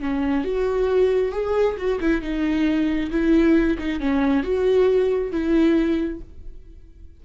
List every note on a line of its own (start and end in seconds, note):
0.00 0.44 C#4
0.44 1.32 F#4
1.32 1.76 G#4
1.77 1.99 F#4
2.00 2.21 E4
2.21 3.10 D#4
3.11 3.77 E4
3.78 4.00 D#4
4.00 4.43 C#4
4.43 5.31 F#4
5.31 6.20 E4